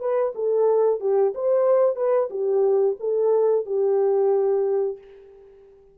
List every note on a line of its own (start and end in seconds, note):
0.00 0.33 B4
0.35 1.00 A4
1.00 1.33 G4
1.35 1.96 C5
1.96 2.29 B4
2.30 2.96 G4
3.00 3.66 A4
3.66 4.98 G4